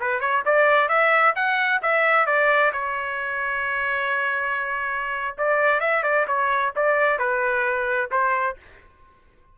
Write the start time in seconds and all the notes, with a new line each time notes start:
0.00 B4
0.20 C#5
0.45 D5
0.88 E5
1.35 F#5
1.82 E5
2.26 D5
2.73 C#5
5.37 D5
5.80 E5
6.03 D5
6.27 C#5
6.76 D5
7.18 B4
8.10 C5